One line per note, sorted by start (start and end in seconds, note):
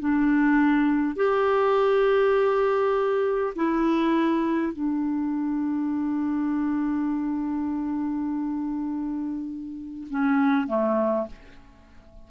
0.00 1.16 D4
1.16 3.54 G4
3.56 4.73 E4
4.73 10.08 D4
10.11 10.68 C#4
10.68 11.27 A3